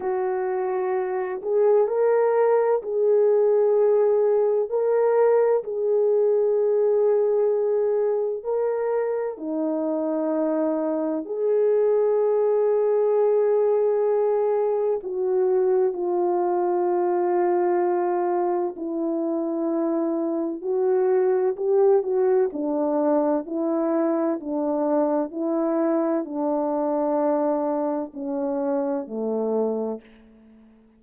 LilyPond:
\new Staff \with { instrumentName = "horn" } { \time 4/4 \tempo 4 = 64 fis'4. gis'8 ais'4 gis'4~ | gis'4 ais'4 gis'2~ | gis'4 ais'4 dis'2 | gis'1 |
fis'4 f'2. | e'2 fis'4 g'8 fis'8 | d'4 e'4 d'4 e'4 | d'2 cis'4 a4 | }